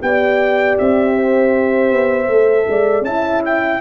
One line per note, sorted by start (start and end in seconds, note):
0.00 0.78 B3
0.00 2.28 G4
0.00 1.15 D5
0.00 0.78 G5
0.78 1.92 C4
0.78 3.04 E5
1.15 2.67 C5
1.92 2.28 B3
2.28 2.66 A3
2.28 3.07 A4
2.68 3.01 G#3
2.68 3.06 D5
3.01 3.77 C#4
3.01 3.81 E4
3.01 3.81 E5
3.01 3.42 A5
3.45 3.81 G5